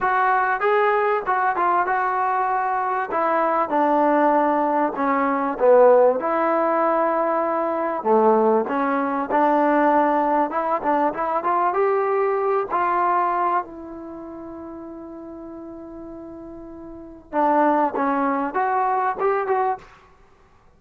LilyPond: \new Staff \with { instrumentName = "trombone" } { \time 4/4 \tempo 4 = 97 fis'4 gis'4 fis'8 f'8 fis'4~ | fis'4 e'4 d'2 | cis'4 b4 e'2~ | e'4 a4 cis'4 d'4~ |
d'4 e'8 d'8 e'8 f'8 g'4~ | g'8 f'4. e'2~ | e'1 | d'4 cis'4 fis'4 g'8 fis'8 | }